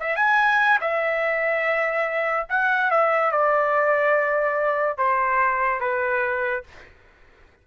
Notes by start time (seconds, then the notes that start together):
0.00 E5
0.16 G#5
0.81 E5
2.49 F#5
2.91 E5
3.32 D5
4.98 C5
5.80 B4